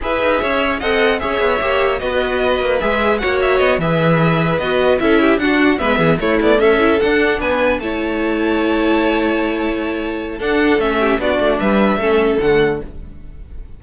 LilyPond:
<<
  \new Staff \with { instrumentName = "violin" } { \time 4/4 \tempo 4 = 150 e''2 fis''4 e''4~ | e''4 dis''2 e''4 | fis''8 e''8 dis''8 e''2 dis''8~ | dis''8 e''4 fis''4 e''4 cis''8 |
d''8 e''4 fis''4 gis''4 a''8~ | a''1~ | a''2 fis''4 e''4 | d''4 e''2 fis''4 | }
  \new Staff \with { instrumentName = "violin" } { \time 4/4 b'4 cis''4 dis''4 cis''4~ | cis''4 b'2. | cis''4. b'2~ b'8~ | b'8 a'8 g'8 fis'4 b'8 gis'8 e'8~ |
e'8 a'2 b'4 cis''8~ | cis''1~ | cis''2 a'4. g'8 | fis'4 b'4 a'2 | }
  \new Staff \with { instrumentName = "viola" } { \time 4/4 gis'2 a'4 gis'4 | g'4 fis'2 gis'4 | fis'4. gis'2 fis'8~ | fis'8 e'4 d'4 b4 a8~ |
a4 e'8 d'2 e'8~ | e'1~ | e'2 d'4 cis'4 | d'2 cis'4 a4 | }
  \new Staff \with { instrumentName = "cello" } { \time 4/4 e'8 dis'8 cis'4 c'4 cis'8 b8 | ais4 b4. ais8 gis4 | ais4 b8 e2 b8~ | b8 cis'4 d'4 gis8 e8 a8 |
b8 cis'4 d'4 b4 a8~ | a1~ | a2 d'4 a4 | b8 a8 g4 a4 d4 | }
>>